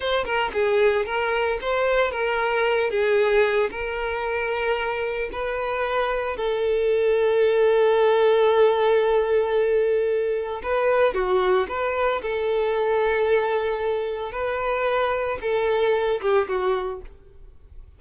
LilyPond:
\new Staff \with { instrumentName = "violin" } { \time 4/4 \tempo 4 = 113 c''8 ais'8 gis'4 ais'4 c''4 | ais'4. gis'4. ais'4~ | ais'2 b'2 | a'1~ |
a'1 | b'4 fis'4 b'4 a'4~ | a'2. b'4~ | b'4 a'4. g'8 fis'4 | }